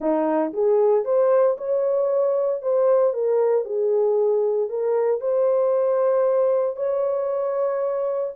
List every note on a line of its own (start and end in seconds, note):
0.00 0.52 D#4
0.53 1.04 G#4
1.04 1.57 C5
1.57 2.62 C#5
2.62 3.13 C5
3.13 3.65 A#4
3.65 4.69 G#4
4.69 5.21 A#4
5.21 6.76 C5
6.76 8.33 C#5